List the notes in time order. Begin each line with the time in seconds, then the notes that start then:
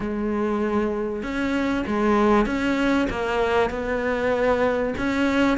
0.00 G#3
1.22 C#4
1.86 G#3
2.46 C#4
3.09 A#3
3.70 B3
4.97 C#4